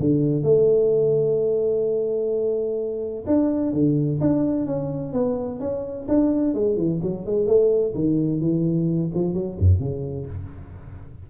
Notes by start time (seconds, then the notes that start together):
0.00 D3
0.43 A3
3.27 D4
3.73 D3
4.21 D4
4.66 C#4
5.13 B3
5.60 C#4
6.08 D4
6.54 G#3
6.77 E3
7.03 F#3
7.26 G#3
7.47 A3
7.95 D#3
8.41 E3
9.15 F3
9.34 F#3
9.59 F#2
9.80 C#3